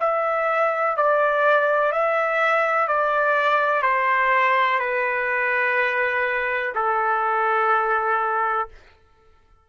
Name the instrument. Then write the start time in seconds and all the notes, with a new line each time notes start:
trumpet
0.00 E5
0.97 D5
1.92 E5
2.88 D5
3.83 C5
4.79 B4
6.75 A4